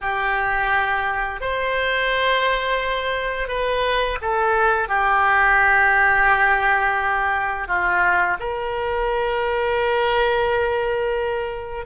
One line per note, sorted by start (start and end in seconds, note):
0.01 1.40 G4
1.40 3.48 C5
3.48 4.17 B4
4.21 4.88 A4
4.88 7.67 G4
7.67 8.37 F4
8.39 11.85 A#4